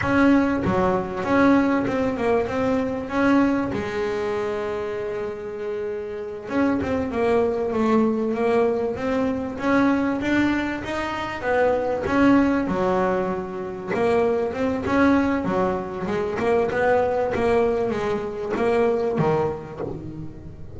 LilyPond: \new Staff \with { instrumentName = "double bass" } { \time 4/4 \tempo 4 = 97 cis'4 fis4 cis'4 c'8 ais8 | c'4 cis'4 gis2~ | gis2~ gis8 cis'8 c'8 ais8~ | ais8 a4 ais4 c'4 cis'8~ |
cis'8 d'4 dis'4 b4 cis'8~ | cis'8 fis2 ais4 c'8 | cis'4 fis4 gis8 ais8 b4 | ais4 gis4 ais4 dis4 | }